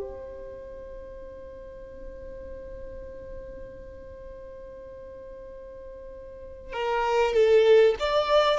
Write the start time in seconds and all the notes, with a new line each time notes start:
0.00 C5
6.72 A#4
7.33 A4
7.99 D5